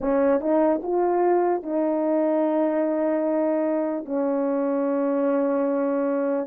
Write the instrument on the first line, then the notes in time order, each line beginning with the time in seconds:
horn
0.00 C#4
0.40 D#4
0.82 F4
1.63 D#4
4.05 C#4